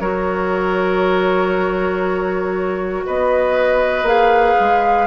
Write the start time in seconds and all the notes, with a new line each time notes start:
0.00 F#3 F#4 A#4 C#5
3.07 B3 B4 D#5
4.03 A#3 G#4 F5
4.60 G#3